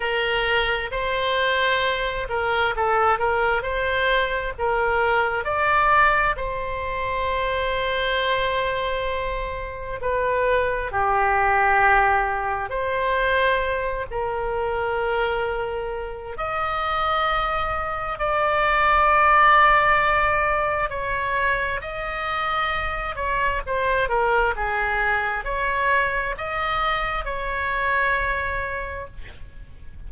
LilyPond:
\new Staff \with { instrumentName = "oboe" } { \time 4/4 \tempo 4 = 66 ais'4 c''4. ais'8 a'8 ais'8 | c''4 ais'4 d''4 c''4~ | c''2. b'4 | g'2 c''4. ais'8~ |
ais'2 dis''2 | d''2. cis''4 | dis''4. cis''8 c''8 ais'8 gis'4 | cis''4 dis''4 cis''2 | }